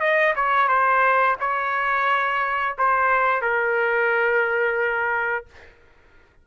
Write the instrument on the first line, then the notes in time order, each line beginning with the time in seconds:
trumpet
0.00 D#5
0.36 C#5
0.68 C5
1.40 C#5
2.78 C5
3.42 A#4